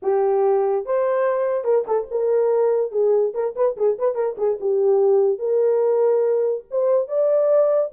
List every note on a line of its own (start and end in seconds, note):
0.02 0.85 G4
0.85 1.64 C5
1.64 1.85 A#4
1.87 2.08 A4
2.10 2.91 A#4
2.91 3.33 G#4
3.34 3.55 A#4
3.55 3.76 B4
3.76 3.97 G#4
3.98 4.15 B4
4.15 4.35 A#4
4.37 4.58 G#4
4.60 5.38 G4
5.38 6.63 A#4
6.70 7.08 C5
7.08 7.91 D5